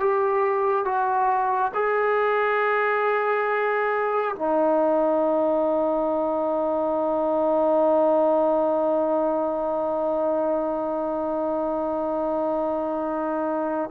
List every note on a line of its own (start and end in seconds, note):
0.00 0.85 G4
0.85 1.72 F#4
1.74 4.35 G#4
4.36 13.91 D#4